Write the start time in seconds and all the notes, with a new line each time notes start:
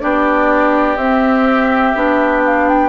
0.00 B3 D4 G4 D5
0.97 C4 E5
1.95 B3 D4
2.45 F5
2.69 G5